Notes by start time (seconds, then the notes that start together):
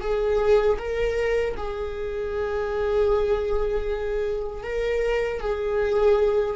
0.00 G#4
0.78 A#4
1.57 G#4
4.63 A#4
5.41 G#4